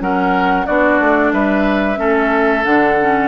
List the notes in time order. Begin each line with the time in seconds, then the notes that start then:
0.00 F#3 C#4 A#4 F#5
0.66 B3 D4 F#4 D5
1.00 A3
1.32 G3 B4 E5
1.96 A3 C#4 A4
2.64 D3 D4 F#5
3.00 C#4